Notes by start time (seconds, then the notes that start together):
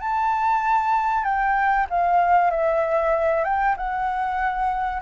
0.00 A5
1.24 G5
1.89 F5
2.50 E5
3.44 G5
3.77 F#5